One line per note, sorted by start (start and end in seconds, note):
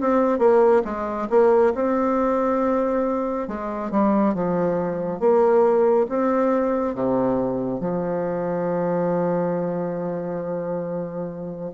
0.00 0.38 C4
0.38 0.82 A#3
0.84 1.28 G#3
1.29 1.73 A#3
1.74 3.48 C4
3.48 3.91 G#3
3.91 4.34 G3
4.34 5.19 F3
5.19 6.06 A#3
6.09 6.94 C4
6.94 7.80 C3
7.80 11.71 F3